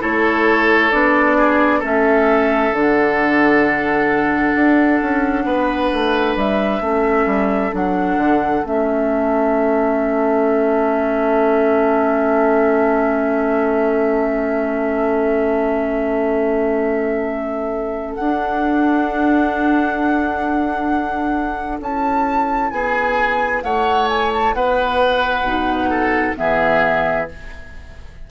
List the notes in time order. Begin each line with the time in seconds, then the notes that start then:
0.00 A3 E4 A4 C#5
0.92 B3 D4 D5
1.38 G#4
1.80 A3 C#4 A4 E5
2.72 D3 D4 F#5
4.56 D4
5.02 C#4
5.45 B3 B4
5.93 A3
6.36 G3 E5
6.81 A3 C#4 A4
7.27 G3
7.73 F#3 D4 F#5
8.17 D3
8.64 A3 C#4 E5
18.15 D4 F#5
18.22 D4
21.81 C#4 E4 A5
22.71 B3 G#4 G#5
23.64 A3 C#5 F#5
24.09 G#5
24.34 A5
24.54 B3 B4 F#5
25.43 B2 D#4
25.90 A4
26.36 E3 B3 G#4 E5